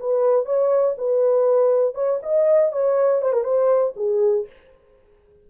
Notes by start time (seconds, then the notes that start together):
0.00 B4
0.46 C#5
0.98 B4
1.95 C#5
2.23 D#5
2.73 C#5
3.22 C5
3.32 A#4
3.44 C5
3.96 G#4